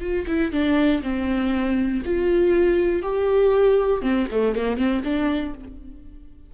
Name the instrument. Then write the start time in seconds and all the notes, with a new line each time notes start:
viola
0.00 F4
0.27 E4
0.52 D4
1.02 C4
2.05 F4
3.02 G4
4.02 C4
4.31 A3
4.55 A#3
4.76 C4
5.04 D4